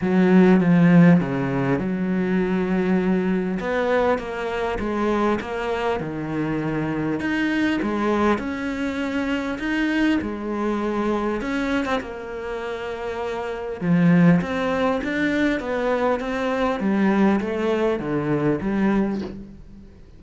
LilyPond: \new Staff \with { instrumentName = "cello" } { \time 4/4 \tempo 4 = 100 fis4 f4 cis4 fis4~ | fis2 b4 ais4 | gis4 ais4 dis2 | dis'4 gis4 cis'2 |
dis'4 gis2 cis'8. c'16 | ais2. f4 | c'4 d'4 b4 c'4 | g4 a4 d4 g4 | }